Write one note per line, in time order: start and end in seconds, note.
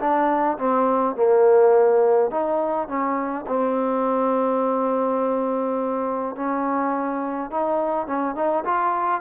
0.00 0.58 D4
0.58 1.15 C4
1.15 2.31 A#3
2.31 2.88 D#4
2.88 3.46 C#4
3.47 6.36 C4
6.36 7.51 C#4
7.51 8.07 D#4
8.07 8.35 C#4
8.35 8.64 D#4
8.65 9.21 F4